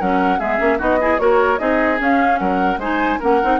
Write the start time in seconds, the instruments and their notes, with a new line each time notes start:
0.00 bassoon F#3, clarinet C#4, oboe A#4, flute F#5
0.39 bassoon G#3, clarinet B3, oboe G#4, flute E5
0.58 bassoon A#3, clarinet C#4
0.78 bassoon B3, clarinet D#4, oboe F#4, flute D#5
1.01 clarinet E4, oboe G#4
1.19 bassoon A#3, clarinet F#4, oboe A#4, flute C#5
1.58 bassoon C4, clarinet D#4, oboe G#4, flute D#5
1.98 clarinet C#4, bassoon C#4, flute F5
2.39 bassoon F#3, oboe A#4, flute F#5
2.77 bassoon G#3, clarinet D#4, oboe C5, flute G#5
3.20 bassoon A#3, clarinet C#4, oboe A#4, flute F#5
3.43 bassoon C4, clarinet D#4